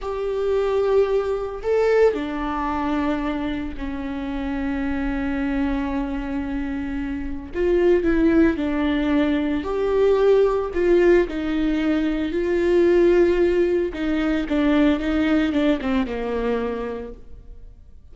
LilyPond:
\new Staff \with { instrumentName = "viola" } { \time 4/4 \tempo 4 = 112 g'2. a'4 | d'2. cis'4~ | cis'1~ | cis'2 f'4 e'4 |
d'2 g'2 | f'4 dis'2 f'4~ | f'2 dis'4 d'4 | dis'4 d'8 c'8 ais2 | }